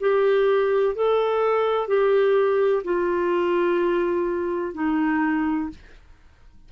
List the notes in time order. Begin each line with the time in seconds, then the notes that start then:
0.00 G4
0.95 A4
1.87 G4
2.84 F4
4.74 D#4